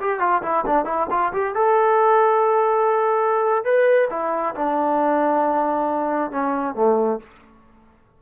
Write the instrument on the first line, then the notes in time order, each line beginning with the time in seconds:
trombone
0.00 G4
0.19 F4
0.42 E4
0.66 D4
0.85 E4
1.10 F4
1.32 G4
1.54 A4
3.64 B4
4.10 E4
4.55 D4
6.31 C#4
6.75 A3